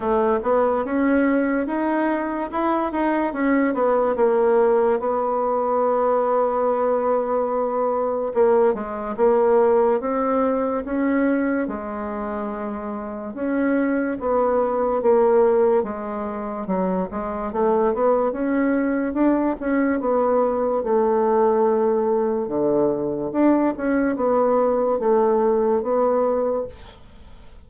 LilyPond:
\new Staff \with { instrumentName = "bassoon" } { \time 4/4 \tempo 4 = 72 a8 b8 cis'4 dis'4 e'8 dis'8 | cis'8 b8 ais4 b2~ | b2 ais8 gis8 ais4 | c'4 cis'4 gis2 |
cis'4 b4 ais4 gis4 | fis8 gis8 a8 b8 cis'4 d'8 cis'8 | b4 a2 d4 | d'8 cis'8 b4 a4 b4 | }